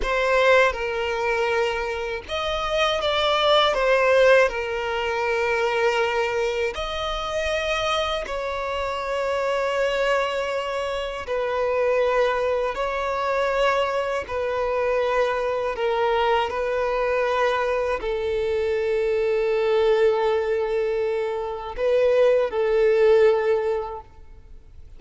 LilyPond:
\new Staff \with { instrumentName = "violin" } { \time 4/4 \tempo 4 = 80 c''4 ais'2 dis''4 | d''4 c''4 ais'2~ | ais'4 dis''2 cis''4~ | cis''2. b'4~ |
b'4 cis''2 b'4~ | b'4 ais'4 b'2 | a'1~ | a'4 b'4 a'2 | }